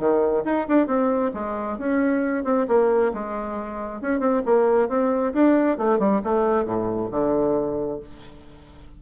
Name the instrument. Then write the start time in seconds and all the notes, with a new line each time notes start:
bassoon
0.00 D#3
0.45 D#4
0.69 D4
0.87 C4
1.34 G#3
1.78 C#4
2.45 C4
2.68 A#3
3.14 G#3
4.02 C#4
4.20 C4
4.46 A#3
4.89 C4
5.34 D4
5.78 A3
6.00 G3
6.24 A3
6.66 A2
7.11 D3